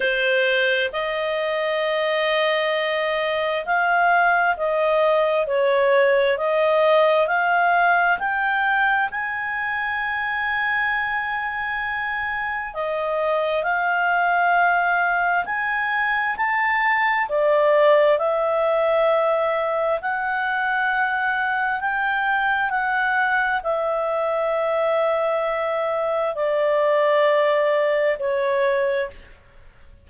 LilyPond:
\new Staff \with { instrumentName = "clarinet" } { \time 4/4 \tempo 4 = 66 c''4 dis''2. | f''4 dis''4 cis''4 dis''4 | f''4 g''4 gis''2~ | gis''2 dis''4 f''4~ |
f''4 gis''4 a''4 d''4 | e''2 fis''2 | g''4 fis''4 e''2~ | e''4 d''2 cis''4 | }